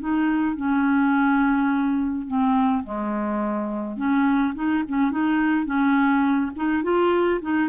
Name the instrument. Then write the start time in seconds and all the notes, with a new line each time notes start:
clarinet
0.00 D#4
0.56 C#4
2.27 C4
2.84 G#3
3.97 C#4
4.55 D#4
4.89 C#4
5.12 D#4
5.66 C#4
6.56 D#4
6.84 F4
7.42 D#4